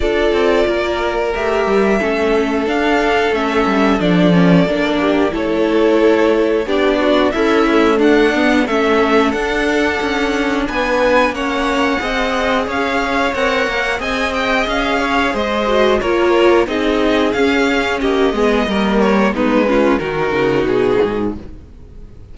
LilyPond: <<
  \new Staff \with { instrumentName = "violin" } { \time 4/4 \tempo 4 = 90 d''2 e''2 | f''4 e''4 d''2 | cis''2 d''4 e''4 | fis''4 e''4 fis''2 |
gis''4 fis''2 f''4 | fis''4 gis''8 g''8 f''4 dis''4 | cis''4 dis''4 f''4 dis''4~ | dis''8 cis''8 b'4 ais'4 gis'4 | }
  \new Staff \with { instrumentName = "violin" } { \time 4/4 a'4 ais'2 a'4~ | a'2.~ a'8 g'8 | a'2 g'8 fis'8 e'4 | d'4 a'2. |
b'4 cis''4 dis''4 cis''4~ | cis''4 dis''4. cis''8 c''4 | ais'4 gis'2 g'8 gis'8 | ais'4 dis'8 f'8 fis'2 | }
  \new Staff \with { instrumentName = "viola" } { \time 4/4 f'2 g'4 cis'4 | d'4 cis'4 d'8 cis'8 d'4 | e'2 d'4 a'8 a8~ | a8 b8 cis'4 d'2~ |
d'4 cis'4 gis'2 | ais'4 gis'2~ gis'8 fis'8 | f'4 dis'4 cis'4. b8 | ais4 b8 cis'8 dis'2 | }
  \new Staff \with { instrumentName = "cello" } { \time 4/4 d'8 c'8 ais4 a8 g8 a4 | d'4 a8 g8 f4 ais4 | a2 b4 cis'4 | d'4 a4 d'4 cis'4 |
b4 ais4 c'4 cis'4 | c'8 ais8 c'4 cis'4 gis4 | ais4 c'4 cis'4 ais8 gis8 | g4 gis4 dis8 cis8 b,8 gis,8 | }
>>